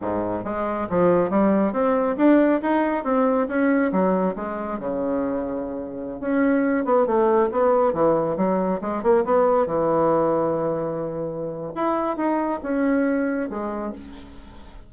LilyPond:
\new Staff \with { instrumentName = "bassoon" } { \time 4/4 \tempo 4 = 138 gis,4 gis4 f4 g4 | c'4 d'4 dis'4 c'4 | cis'4 fis4 gis4 cis4~ | cis2~ cis16 cis'4. b16~ |
b16 a4 b4 e4 fis8.~ | fis16 gis8 ais8 b4 e4.~ e16~ | e2. e'4 | dis'4 cis'2 gis4 | }